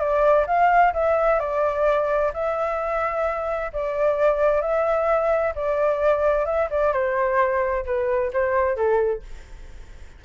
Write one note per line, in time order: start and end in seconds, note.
0.00 0.46 D5
0.47 0.93 F5
0.94 1.40 E5
1.40 2.32 D5
2.34 3.72 E5
3.74 4.62 D5
4.62 5.54 E5
5.56 6.46 D5
6.46 6.69 E5
6.71 6.93 D5
6.93 7.85 C5
7.86 8.32 B4
8.33 8.77 C5
8.77 9.23 A4